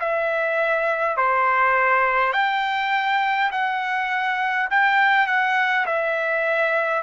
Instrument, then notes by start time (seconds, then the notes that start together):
trumpet
0.00 E5
1.17 C5
2.33 G5
3.51 F#5
4.70 G5
5.27 F#5
5.86 E5